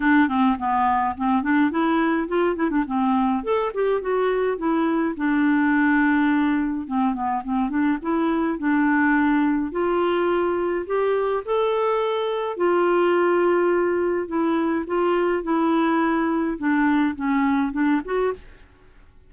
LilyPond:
\new Staff \with { instrumentName = "clarinet" } { \time 4/4 \tempo 4 = 105 d'8 c'8 b4 c'8 d'8 e'4 | f'8 e'16 d'16 c'4 a'8 g'8 fis'4 | e'4 d'2. | c'8 b8 c'8 d'8 e'4 d'4~ |
d'4 f'2 g'4 | a'2 f'2~ | f'4 e'4 f'4 e'4~ | e'4 d'4 cis'4 d'8 fis'8 | }